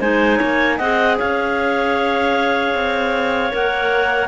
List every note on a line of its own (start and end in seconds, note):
0.00 0.40 G#3
0.00 0.79 D#4
0.00 0.38 C5
0.00 0.78 G#5
0.38 0.80 A#3
0.38 0.77 C#5
0.77 1.19 C4
0.77 3.51 G#4
0.77 1.16 D#5
0.77 1.17 F#5
1.18 2.75 C#4
1.18 4.28 C#5
1.18 3.53 F5
2.75 3.52 C4
3.51 4.28 A#3
3.51 4.28 A#4
3.51 4.28 F#5